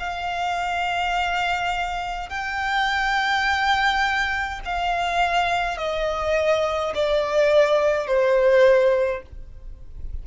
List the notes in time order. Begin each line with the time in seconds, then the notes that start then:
0.00 F5
2.30 G5
4.66 F5
5.78 D#5
6.95 D5
8.07 C5